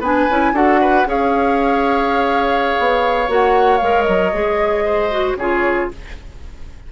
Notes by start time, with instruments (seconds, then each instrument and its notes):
0.00 bassoon B3, clarinet D4, oboe B4, flute G#5
0.30 bassoon C#4, clarinet E4
0.53 bassoon D4, clarinet F#4, oboe A4, flute F#5
0.81 oboe B4
1.06 bassoon C#4, clarinet G#4, oboe C#5, flute F5
2.79 bassoon B3
3.28 bassoon A#3, clarinet F#4, flute F#5
3.78 bassoon G#3, clarinet A#4, flute F5
4.02 bassoon F#3, flute D#5
4.33 bassoon G#3, clarinet G#4
4.85 oboe C5
5.11 clarinet F#4
5.35 bassoon C#3, clarinet F4, oboe G#4, flute C#5